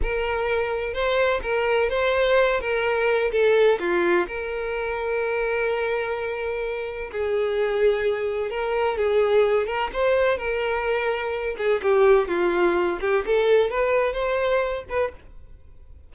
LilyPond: \new Staff \with { instrumentName = "violin" } { \time 4/4 \tempo 4 = 127 ais'2 c''4 ais'4 | c''4. ais'4. a'4 | f'4 ais'2.~ | ais'2. gis'4~ |
gis'2 ais'4 gis'4~ | gis'8 ais'8 c''4 ais'2~ | ais'8 gis'8 g'4 f'4. g'8 | a'4 b'4 c''4. b'8 | }